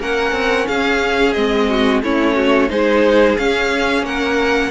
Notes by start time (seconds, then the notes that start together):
0.00 A#3 C#4 A#4 F#5
0.33 C4
0.68 C#4 G#4 F5
1.33 G#3 C4 D#5
1.69 F#4
2.03 A3 C#4 E4 C#5
2.36 F#4
2.70 G#3 D#4 G#4 C5
3.38 C#4 F5
4.03 A#3 A#4 F#5